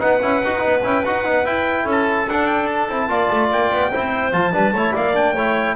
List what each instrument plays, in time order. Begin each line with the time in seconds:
0.00 double bass B3, trombone D#4, clarinet B4, trumpet F#5
0.22 double bass C#4, trombone E4
0.44 double bass D#4, trombone F#4
0.59 double bass B3, trombone D#4
0.83 double bass C#4, trombone E4, trumpet G5
1.05 double bass D#4, trombone F#4, trumpet F#5
1.25 double bass B3, trombone D#4
1.46 trombone E4, double bass E4, trumpet G5
1.85 double bass C#4, clarinet A4
1.91 trumpet A5
2.29 double bass D4, trombone D4, trumpet F#5
2.48 trumpet G5
2.67 trumpet A5
2.89 double bass C4, trombone E4
3.09 double bass A#3, trombone F4, clarinet D5
3.32 double bass A3
3.51 double bass A#3, trumpet G5
3.72 double bass B3
3.92 double bass C4, trombone E4, clarinet C5
4.33 double bass F3, trombone F4, trumpet A5
4.52 double bass G3, trombone D4, clarinet B4
4.72 double bass A3, trombone E4, clarinet C#5
4.94 double bass A#3, clarinet D5, trumpet F5
5.14 trombone D4, trumpet G5
5.34 double bass A3, trombone E4, clarinet C#5